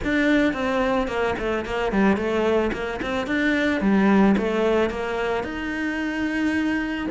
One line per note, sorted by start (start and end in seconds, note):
0.03 0.53 D4
0.53 1.07 C4
1.07 1.34 A#3
1.38 1.65 A3
1.65 1.91 A#3
1.91 2.16 G3
2.16 2.71 A3
2.72 3.00 A#3
3.01 3.26 C4
3.26 3.81 D4
3.81 4.35 G3
4.37 4.90 A3
4.90 5.43 A#3
5.43 7.07 D#4